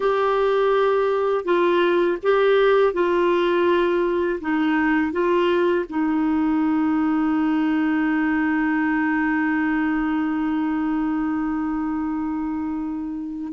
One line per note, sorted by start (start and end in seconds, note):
0.00 1.44 G4
1.44 2.18 F4
2.23 2.93 G4
2.93 4.39 F4
4.40 5.12 D#4
5.12 5.85 F4
5.89 13.53 D#4